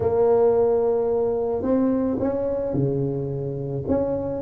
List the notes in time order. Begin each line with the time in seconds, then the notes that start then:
0.00 A#3
1.62 C4
2.19 C#4
2.73 C#3
3.88 C#4